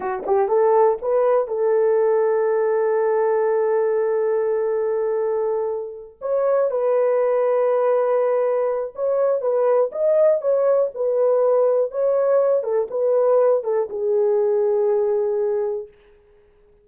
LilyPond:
\new Staff \with { instrumentName = "horn" } { \time 4/4 \tempo 4 = 121 fis'8 g'8 a'4 b'4 a'4~ | a'1~ | a'1~ | a'8 cis''4 b'2~ b'8~ |
b'2 cis''4 b'4 | dis''4 cis''4 b'2 | cis''4. a'8 b'4. a'8 | gis'1 | }